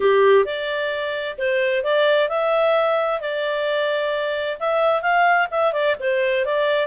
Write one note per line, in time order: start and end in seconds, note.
0.00 0.45 G4
0.45 1.36 D5
1.38 1.83 C5
1.83 2.29 D5
2.29 3.20 E5
3.20 4.57 D5
4.59 5.02 E5
5.02 5.47 F5
5.51 5.72 E5
5.72 5.95 D5
5.99 6.45 C5
6.45 6.86 D5